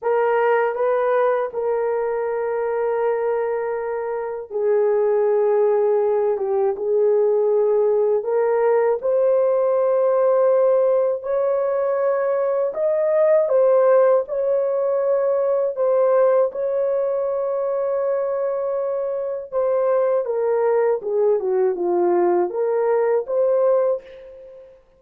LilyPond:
\new Staff \with { instrumentName = "horn" } { \time 4/4 \tempo 4 = 80 ais'4 b'4 ais'2~ | ais'2 gis'2~ | gis'8 g'8 gis'2 ais'4 | c''2. cis''4~ |
cis''4 dis''4 c''4 cis''4~ | cis''4 c''4 cis''2~ | cis''2 c''4 ais'4 | gis'8 fis'8 f'4 ais'4 c''4 | }